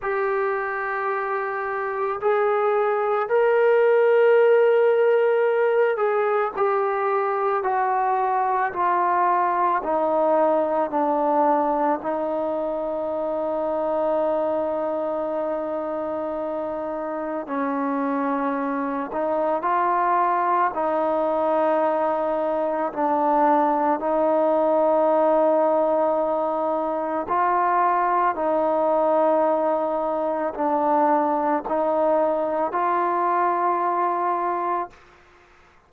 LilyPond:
\new Staff \with { instrumentName = "trombone" } { \time 4/4 \tempo 4 = 55 g'2 gis'4 ais'4~ | ais'4. gis'8 g'4 fis'4 | f'4 dis'4 d'4 dis'4~ | dis'1 |
cis'4. dis'8 f'4 dis'4~ | dis'4 d'4 dis'2~ | dis'4 f'4 dis'2 | d'4 dis'4 f'2 | }